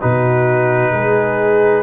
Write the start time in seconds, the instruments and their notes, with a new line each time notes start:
0.00 tuba B2, trombone D#4, horn F#4, trumpet B4
0.92 tuba G#3, horn G#4